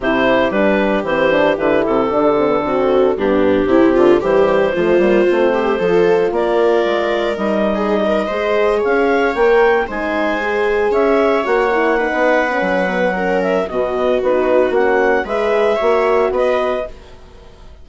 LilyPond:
<<
  \new Staff \with { instrumentName = "clarinet" } { \time 4/4 \tempo 4 = 114 c''4 b'4 c''4 b'8 a'8~ | a'2 g'2 | c''1 | d''2 dis''2~ |
dis''8. f''4 g''4 gis''4~ gis''16~ | gis''8. e''4 fis''2~ fis''16~ | fis''4. e''8 dis''4 b'4 | fis''4 e''2 dis''4 | }
  \new Staff \with { instrumentName = "viola" } { \time 4/4 g'1~ | g'4 fis'4 d'4 e'8 f'8 | g'4 f'4. g'8 a'4 | ais'2~ ais'8. gis'8 ais'8 c''16~ |
c''8. cis''2 c''4~ c''16~ | c''8. cis''2 b'4~ b'16~ | b'4 ais'4 fis'2~ | fis'4 b'4 cis''4 b'4 | }
  \new Staff \with { instrumentName = "horn" } { \time 4/4 e'4 d'4 c'8 d'8 e'4 | d'8 c'16 b16 c'4 b4 c'4 | g4 a8 ais8 c'4 f'4~ | f'2 dis'4.~ dis'16 gis'16~ |
gis'4.~ gis'16 ais'4 dis'4 gis'16~ | gis'4.~ gis'16 fis'8 e'8 dis'4 cis'16~ | cis'8 b8 cis'4 b4 dis'4 | cis'4 gis'4 fis'2 | }
  \new Staff \with { instrumentName = "bassoon" } { \time 4/4 c4 g4 e4 d8 c8 | d2 g,4 c8 d8 | e4 f8 g8 a4 f4 | ais4 gis4 g4.~ g16 gis16~ |
gis8. cis'4 ais4 gis4~ gis16~ | gis8. cis'4 ais4~ ais16 b4 | fis2 b,4 b4 | ais4 gis4 ais4 b4 | }
>>